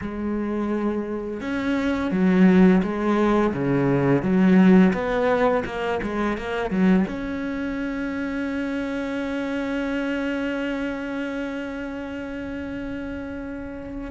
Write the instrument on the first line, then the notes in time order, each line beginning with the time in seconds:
cello
0.01 G#3
1.41 C#4
2.11 F#3
2.82 G#3
3.53 C#3
4.22 F#3
4.93 B3
5.65 A#3
6.02 G#3
6.37 A#3
6.70 F#3
7.07 C#4